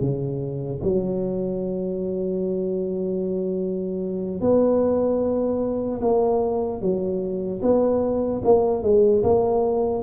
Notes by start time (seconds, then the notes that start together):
0.00 C#3
0.83 F#3
4.41 B3
6.01 A#3
6.81 F#3
7.62 B3
8.44 A#3
8.83 G#3
9.23 A#3